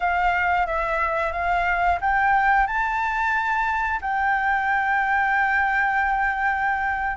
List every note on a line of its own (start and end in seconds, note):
0.00 0.66 F5
0.66 1.32 E5
1.32 1.98 F5
2.00 2.66 G5
2.66 4.00 A5
4.01 7.16 G5